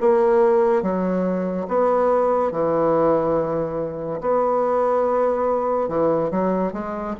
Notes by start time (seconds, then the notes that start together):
0.00 A#3
0.82 F#3
1.67 B3
2.51 E3
4.20 B3
5.88 E3
6.30 F#3
6.73 G#3